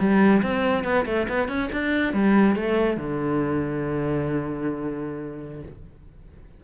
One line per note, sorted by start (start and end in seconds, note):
0.00 0.43 G3
0.43 0.85 C4
0.85 1.06 B3
1.06 1.27 A3
1.29 1.49 B3
1.49 1.70 C#4
1.73 2.14 D4
2.14 2.56 G3
2.56 2.97 A3
2.97 5.63 D3